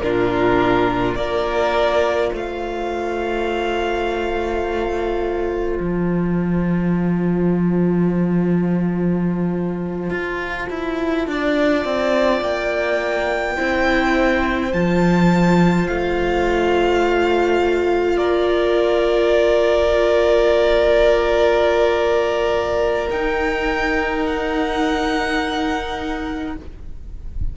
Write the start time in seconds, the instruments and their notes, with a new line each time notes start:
0.00 cello A#2, viola D4, violin F4 A#4
1.15 cello A#3, viola F4, violin A#4 D5
2.32 cello A3, violin C5 F5
5.79 cello F3, violin A5
10.10 cello F4
10.69 cello E4
11.26 cello D4, violin D5
11.84 cello C4
12.41 cello A#3, violin G5
13.56 cello C4, viola E4, violin C5
14.73 cello F3, viola F4, violin A5
15.87 cello A3, violin F5
18.17 cello A#3, violin A#4 D5
23.09 cello D#4, viola D#4, violin G5
24.25 violin F#5